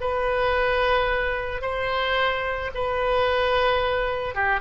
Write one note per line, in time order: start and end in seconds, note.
0.00 1.61 B4
1.61 2.70 C5
2.74 4.35 B4
4.35 4.60 G4